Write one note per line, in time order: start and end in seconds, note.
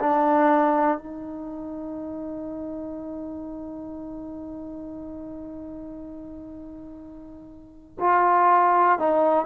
0.00 0.98 D4
0.98 7.98 D#4
8.00 8.99 F4
8.99 9.46 D#4